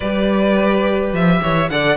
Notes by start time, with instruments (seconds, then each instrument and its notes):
0.00 cello G3, viola G4, violin B4 D5
1.12 cello F3, violin E5
1.42 cello E3, violin C#5
1.69 cello D3, viola A4, violin D5 F#5